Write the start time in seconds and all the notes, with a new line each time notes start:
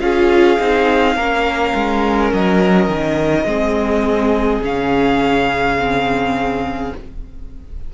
0.00 C#4 F4 G#4 F5
0.58 C4 D#4
1.16 A#3 C#4 A#4
1.75 G#3
2.33 F#3 D#5
2.88 D#3
3.44 G#3 C4 G#4
4.61 C#3 C#4 F5
5.78 C4